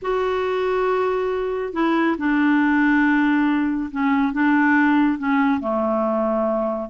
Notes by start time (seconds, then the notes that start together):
0.02 F#4
1.73 E4
2.17 D4
3.91 C#4
4.32 D4
5.18 C#4
5.60 A3